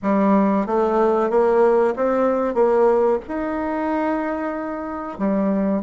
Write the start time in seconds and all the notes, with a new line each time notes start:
0.02 G3
0.66 A3
1.29 A#3
1.95 C4
2.54 A#3
3.28 D#4
5.18 G3